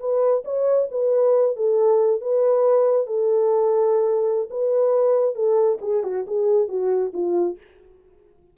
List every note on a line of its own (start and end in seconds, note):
0.00 0.44 B4
0.45 0.89 C#5
0.91 1.57 B4
1.57 2.22 A4
2.22 3.07 B4
3.07 4.49 A4
4.50 5.35 B4
5.35 5.79 A4
5.82 6.04 G#4
6.04 6.26 F#4
6.27 6.69 G#4
6.69 7.12 F#4
7.14 7.58 F4